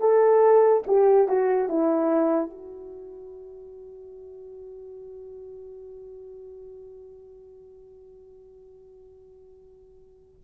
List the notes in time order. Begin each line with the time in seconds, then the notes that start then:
0.00 A4
0.87 G4
1.28 F#4
1.69 E4
2.50 F#4